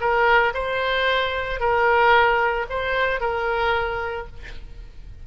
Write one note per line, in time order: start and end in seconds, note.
0.00 0.53 A#4
0.54 1.60 C5
1.60 2.66 A#4
2.70 3.20 C5
3.20 4.26 A#4